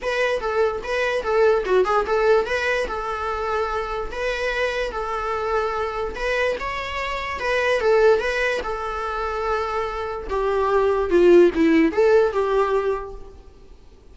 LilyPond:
\new Staff \with { instrumentName = "viola" } { \time 4/4 \tempo 4 = 146 b'4 a'4 b'4 a'4 | fis'8 gis'8 a'4 b'4 a'4~ | a'2 b'2 | a'2. b'4 |
cis''2 b'4 a'4 | b'4 a'2.~ | a'4 g'2 f'4 | e'4 a'4 g'2 | }